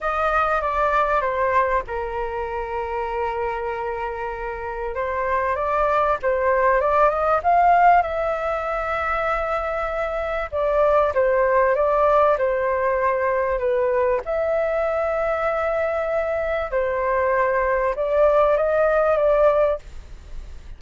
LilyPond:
\new Staff \with { instrumentName = "flute" } { \time 4/4 \tempo 4 = 97 dis''4 d''4 c''4 ais'4~ | ais'1 | c''4 d''4 c''4 d''8 dis''8 | f''4 e''2.~ |
e''4 d''4 c''4 d''4 | c''2 b'4 e''4~ | e''2. c''4~ | c''4 d''4 dis''4 d''4 | }